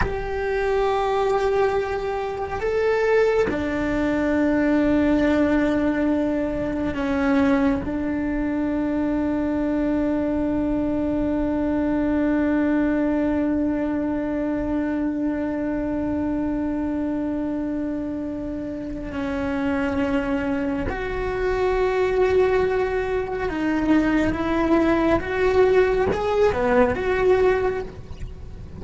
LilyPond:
\new Staff \with { instrumentName = "cello" } { \time 4/4 \tempo 4 = 69 g'2. a'4 | d'1 | cis'4 d'2.~ | d'1~ |
d'1~ | d'2 cis'2 | fis'2. dis'4 | e'4 fis'4 gis'8 b8 fis'4 | }